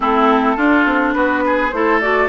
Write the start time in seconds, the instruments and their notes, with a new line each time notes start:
0.00 bassoon A3, clarinet C4, oboe E4, flute A4
0.56 clarinet D4, bassoon D4, oboe F4
0.85 bassoon C4
1.13 bassoon B3, oboe F#4, flute B4
1.45 oboe G#4
1.70 bassoon A3, clarinet E4, oboe A4, flute C5
2.00 clarinet F#4, flute D5